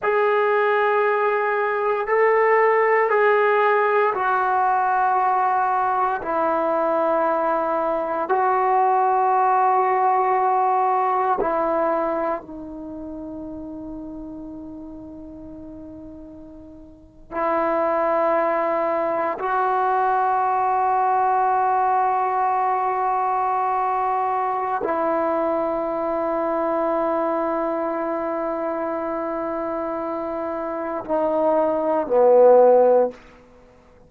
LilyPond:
\new Staff \with { instrumentName = "trombone" } { \time 4/4 \tempo 4 = 58 gis'2 a'4 gis'4 | fis'2 e'2 | fis'2. e'4 | dis'1~ |
dis'8. e'2 fis'4~ fis'16~ | fis'1 | e'1~ | e'2 dis'4 b4 | }